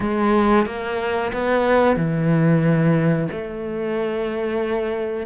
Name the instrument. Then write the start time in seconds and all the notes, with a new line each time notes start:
cello
0.00 G#3
0.66 A#3
1.32 B3
1.96 E3
3.31 A3